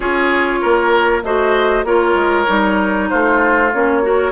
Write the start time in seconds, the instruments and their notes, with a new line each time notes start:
0.00 bassoon C#4, clarinet F4, oboe G#4, flute C#5
0.61 bassoon A#3, oboe A#4
1.23 bassoon A3, clarinet F#4, oboe C5, flute D#5
1.84 bassoon A#3, clarinet F4, oboe A#4, flute C#5
2.14 bassoon G#3
2.46 bassoon G3, clarinet D#4
3.09 bassoon A3, oboe F4, flute C5
3.72 bassoon A#3, clarinet C#4, flute C#5
4.02 clarinet F#4, oboe A#4